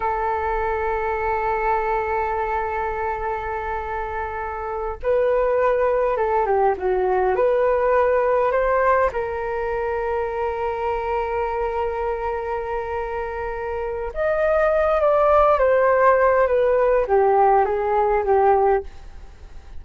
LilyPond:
\new Staff \with { instrumentName = "flute" } { \time 4/4 \tempo 4 = 102 a'1~ | a'1~ | a'8 b'2 a'8 g'8 fis'8~ | fis'8 b'2 c''4 ais'8~ |
ais'1~ | ais'1 | dis''4. d''4 c''4. | b'4 g'4 gis'4 g'4 | }